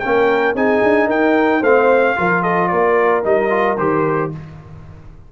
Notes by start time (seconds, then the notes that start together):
0.00 A#3 C#4 A#4 G5
0.54 C4 D#4 G#4 G#5
0.84 D4
1.08 D#4 A#4 G5
1.61 A3 C4 C5 F5
2.16 F3 F4 A#4
2.43 A4 D#5
2.68 A#3 A#4 D5
3.23 G3 D#4 D#5
3.50 F4
3.77 D#3 G4 C5